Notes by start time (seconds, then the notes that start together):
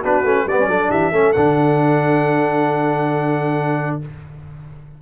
0.00 B3 D4 F#4 B4
0.24 A3 C#4
0.46 G3 B3 B4 D5
0.60 C#4
0.68 F#3 D4 A4
0.90 E3 G4 E5
1.12 A3 C#4 A4
1.33 D3 D4 F#5